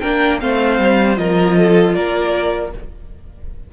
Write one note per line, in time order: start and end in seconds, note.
0.00 0.42 A#3
0.00 0.40 D4
0.00 0.39 A#4
0.00 0.38 G5
0.40 0.79 A3
0.40 1.16 C4
0.40 1.19 C5
0.40 1.17 F5
0.79 1.17 G3
1.16 1.94 F3
1.16 2.69 F4
1.16 1.57 A#4
1.16 1.94 D#5
1.57 1.95 A4
1.94 2.73 A#3
1.94 2.71 A#4
1.94 2.71 D5